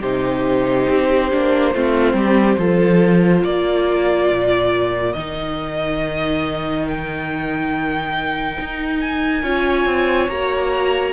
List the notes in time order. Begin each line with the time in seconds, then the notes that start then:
0.00 C3 D#4 G4 C5
0.89 C4
1.31 A#3 D4
1.74 A3 C4 F4
2.14 G3 G4
2.58 F3 F4 A4
3.44 A#3 A#4 D5
4.29 A#2
5.13 D#3 D#4 D#5
6.89 G5
8.60 D#4
9.01 G#5
9.42 C#4 F4 C#5
9.85 C4
10.29 A#3 F#4 A#5